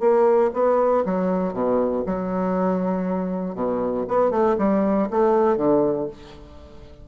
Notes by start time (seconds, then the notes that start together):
0.00 A#3
0.54 B3
1.05 F#3
1.53 B2
2.06 F#3
3.55 B2
4.08 B3
4.31 A3
4.58 G3
5.11 A3
5.57 D3